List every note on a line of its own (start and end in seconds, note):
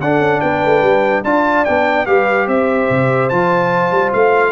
0.00 0.19 D4
0.00 1.24 D4
0.00 0.42 A4
0.00 0.40 F#5
0.19 0.40 C#4
0.40 0.63 B3
0.40 1.24 B4
0.40 1.23 G5
0.65 0.82 A3
0.82 1.23 G3
1.24 1.65 D4
1.24 1.66 F4
1.24 2.07 D5
1.24 1.65 A5
1.65 2.07 B3
1.65 2.06 D4
1.65 2.06 G5
2.06 2.47 G3
2.06 3.30 G4
2.06 2.47 B4
2.06 2.47 F5
2.47 2.89 C4
2.47 4.52 C5
2.47 3.29 E5
2.90 3.31 C3
3.29 3.91 F3
3.29 4.52 F4
3.29 4.12 A5
3.91 4.12 G3
4.13 4.52 A3
4.13 4.52 F5